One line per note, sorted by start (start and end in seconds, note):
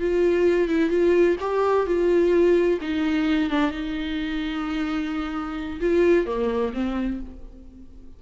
0.00 0.68 F4
0.68 0.90 E4
0.90 1.36 F4
1.40 1.86 G4
1.86 2.79 F4
2.81 3.50 D#4
3.50 3.71 D4
3.71 5.80 D#4
5.80 6.26 F4
6.26 6.73 A#3
6.73 7.20 C4